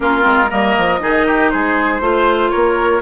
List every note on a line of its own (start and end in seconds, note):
0.00 0.23 A#3
0.00 0.21 C#4
0.00 0.49 F4
0.00 0.50 A#4
0.21 0.50 G#3
0.21 0.46 C4
0.49 0.77 G3
0.49 1.00 A#3
0.49 1.00 A#4
0.49 1.50 D#5
0.77 1.01 F3
1.00 1.52 D#3
1.00 2.00 D#4
1.00 1.26 G#4
1.26 1.51 G4
1.50 2.00 G#3
1.50 2.01 G#4
1.50 2.51 C5
2.00 2.50 A3
2.00 3.01 F4
2.00 2.51 C5
2.51 3.01 A#3
2.51 3.01 A#4
2.51 3.01 C#5